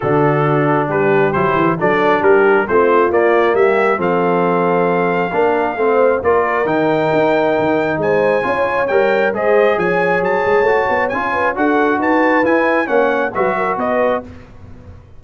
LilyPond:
<<
  \new Staff \with { instrumentName = "trumpet" } { \time 4/4 \tempo 4 = 135 a'2 b'4 c''4 | d''4 ais'4 c''4 d''4 | e''4 f''2.~ | f''2 d''4 g''4~ |
g''2 gis''2 | g''4 dis''4 gis''4 a''4~ | a''4 gis''4 fis''4 a''4 | gis''4 fis''4 e''4 dis''4 | }
  \new Staff \with { instrumentName = "horn" } { \time 4/4 fis'2 g'2 | a'4 g'4 f'2 | g'4 a'2. | ais'4 c''4 ais'2~ |
ais'2 c''4 cis''4~ | cis''4 c''4 cis''2~ | cis''4. b'8 a'4 b'4~ | b'4 cis''4 b'8 ais'8 b'4 | }
  \new Staff \with { instrumentName = "trombone" } { \time 4/4 d'2. e'4 | d'2 c'4 ais4~ | ais4 c'2. | d'4 c'4 f'4 dis'4~ |
dis'2. f'4 | ais'4 gis'2. | fis'4 f'4 fis'2 | e'4 cis'4 fis'2 | }
  \new Staff \with { instrumentName = "tuba" } { \time 4/4 d2 g4 fis8 e8 | fis4 g4 a4 ais4 | g4 f2. | ais4 a4 ais4 dis4 |
dis'4 dis4 gis4 cis'4 | g4 gis4 f4 fis8 gis8 | a8 b8 cis'4 d'4 dis'4 | e'4 ais4 fis4 b4 | }
>>